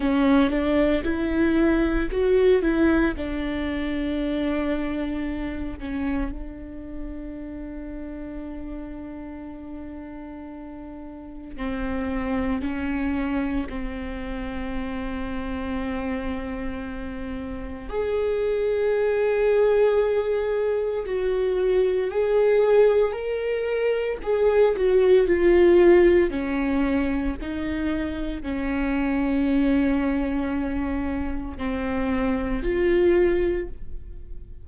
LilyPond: \new Staff \with { instrumentName = "viola" } { \time 4/4 \tempo 4 = 57 cis'8 d'8 e'4 fis'8 e'8 d'4~ | d'4. cis'8 d'2~ | d'2. c'4 | cis'4 c'2.~ |
c'4 gis'2. | fis'4 gis'4 ais'4 gis'8 fis'8 | f'4 cis'4 dis'4 cis'4~ | cis'2 c'4 f'4 | }